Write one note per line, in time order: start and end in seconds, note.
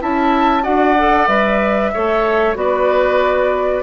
0.00 0.66 C#4
0.00 0.62 E4
0.00 0.63 E5
0.00 0.64 A5
0.62 1.27 D4
0.62 0.94 F#4
0.62 1.90 D5
0.62 1.27 F#5
0.98 1.28 A4
1.27 1.91 G3
1.27 1.92 B4
1.27 2.55 E5
1.93 2.55 A3
1.93 2.55 A4
1.93 2.57 C#5
2.55 3.83 B3
2.55 3.82 F#4
2.55 3.83 B4
2.55 3.83 D5